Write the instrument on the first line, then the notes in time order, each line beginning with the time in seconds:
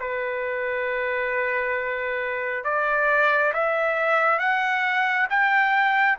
trumpet
0.00 B4
2.65 D5
3.54 E5
4.39 F#5
5.30 G5